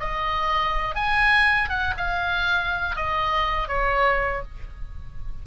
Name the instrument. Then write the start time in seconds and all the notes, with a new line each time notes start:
oboe
0.00 D#5
0.95 G#5
1.69 F#5
1.97 F5
2.96 D#5
3.68 C#5